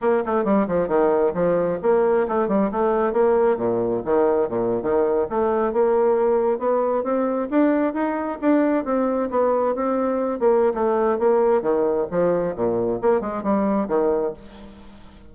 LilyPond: \new Staff \with { instrumentName = "bassoon" } { \time 4/4 \tempo 4 = 134 ais8 a8 g8 f8 dis4 f4 | ais4 a8 g8 a4 ais4 | ais,4 dis4 ais,8. dis4 a16~ | a8. ais2 b4 c'16~ |
c'8. d'4 dis'4 d'4 c'16~ | c'8. b4 c'4. ais8. | a4 ais4 dis4 f4 | ais,4 ais8 gis8 g4 dis4 | }